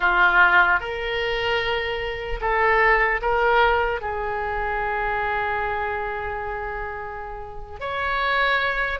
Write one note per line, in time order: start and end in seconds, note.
0.00 0.80 F4
0.80 2.40 A#4
2.40 3.20 A4
3.21 4.01 A#4
4.01 7.80 G#4
7.80 8.99 C#5